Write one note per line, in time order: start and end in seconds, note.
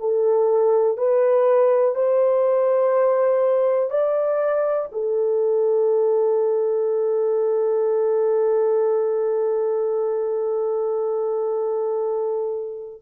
0.00 0.98 A4
0.98 1.95 B4
1.95 3.91 C5
3.91 4.89 D5
4.92 13.02 A4